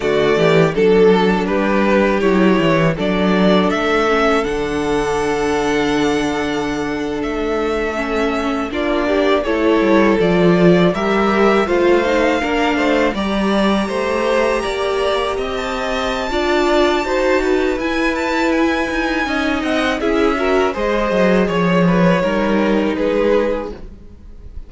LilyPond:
<<
  \new Staff \with { instrumentName = "violin" } { \time 4/4 \tempo 4 = 81 d''4 a'4 b'4 cis''4 | d''4 e''4 fis''2~ | fis''4.~ fis''16 e''2 d''16~ | d''8. cis''4 d''4 e''4 f''16~ |
f''4.~ f''16 ais''2~ ais''16~ | ais''4 a''2. | gis''8 a''8 gis''4. fis''8 e''4 | dis''4 cis''2 b'4 | }
  \new Staff \with { instrumentName = "violin" } { \time 4/4 fis'8 g'8 a'4 g'2 | a'1~ | a'2.~ a'8. f'16~ | f'16 g'8 a'2 ais'4 c''16~ |
c''8. ais'8 c''8 d''4 c''4 d''16~ | d''8. dis''4~ dis''16 d''4 c''8 b'8~ | b'2 dis''4 gis'8 ais'8 | c''4 cis''8 b'8 ais'4 gis'4 | }
  \new Staff \with { instrumentName = "viola" } { \time 4/4 a4 d'2 e'4 | d'4. cis'8 d'2~ | d'2~ d'8. cis'4 d'16~ | d'8. e'4 f'4 g'4 f'16~ |
f'16 dis'8 d'4 g'2~ g'16~ | g'2 f'4 fis'4 | e'2 dis'4 e'8 fis'8 | gis'2 dis'2 | }
  \new Staff \with { instrumentName = "cello" } { \time 4/4 d8 e8 fis4 g4 fis8 e8 | fis4 a4 d2~ | d4.~ d16 a2 ais16~ | ais8. a8 g8 f4 g4 a16~ |
a8. ais8 a8 g4 a4 ais16~ | ais8. c'4~ c'16 d'4 dis'4 | e'4. dis'8 cis'8 c'8 cis'4 | gis8 fis8 f4 g4 gis4 | }
>>